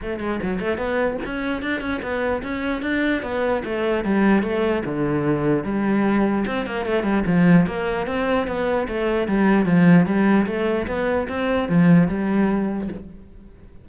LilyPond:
\new Staff \with { instrumentName = "cello" } { \time 4/4 \tempo 4 = 149 a8 gis8 fis8 a8 b4 cis'4 | d'8 cis'8 b4 cis'4 d'4 | b4 a4 g4 a4 | d2 g2 |
c'8 ais8 a8 g8 f4 ais4 | c'4 b4 a4 g4 | f4 g4 a4 b4 | c'4 f4 g2 | }